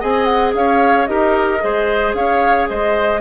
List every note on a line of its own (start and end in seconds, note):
0.00 0.55 C4
0.00 1.08 G#4
0.00 0.54 D#5
0.00 0.25 G#5
0.25 0.51 F#5
0.55 1.08 C#4
0.55 1.10 C#5
0.55 1.07 F5
1.07 1.62 D#4
1.07 1.60 G4
1.07 1.63 A#4
1.07 2.14 D#5
1.60 2.14 G#3
1.60 3.21 G#4
1.60 2.16 C5
2.14 2.68 C#4
2.14 2.70 C#5
2.14 2.68 F5
2.69 3.21 G#3
2.69 3.21 C5
2.69 3.21 D#5